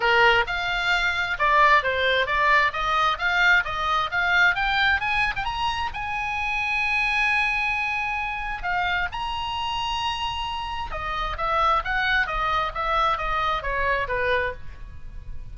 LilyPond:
\new Staff \with { instrumentName = "oboe" } { \time 4/4 \tempo 4 = 132 ais'4 f''2 d''4 | c''4 d''4 dis''4 f''4 | dis''4 f''4 g''4 gis''8. g''16 | ais''4 gis''2.~ |
gis''2. f''4 | ais''1 | dis''4 e''4 fis''4 dis''4 | e''4 dis''4 cis''4 b'4 | }